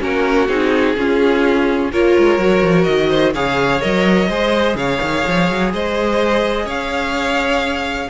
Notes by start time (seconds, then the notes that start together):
0.00 A#3 C#4 F#4 A#4
0.48 C4 D#4 G#4
0.97 C#4 F4
1.92 A#3 F4 A#4 C#5
2.18 G#3
2.38 F#3 F#4
2.62 F3
2.84 D#3 D#5
3.09 C5
3.34 C#3 G#4 C#5 F5
3.81 F#3 A#4 D#5
4.29 G#3 G#4 C5
4.75 C#3 C#5 F5
5.02 D#3
5.27 F3
5.50 F#3
5.73 G#3 C5 D#5
6.65 C#4 C#5 F5